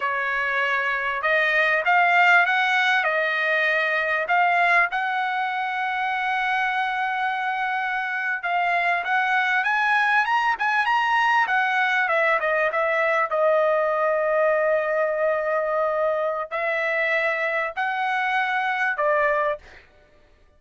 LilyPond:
\new Staff \with { instrumentName = "trumpet" } { \time 4/4 \tempo 4 = 98 cis''2 dis''4 f''4 | fis''4 dis''2 f''4 | fis''1~ | fis''4.~ fis''16 f''4 fis''4 gis''16~ |
gis''8. ais''8 gis''8 ais''4 fis''4 e''16~ | e''16 dis''8 e''4 dis''2~ dis''16~ | dis''2. e''4~ | e''4 fis''2 d''4 | }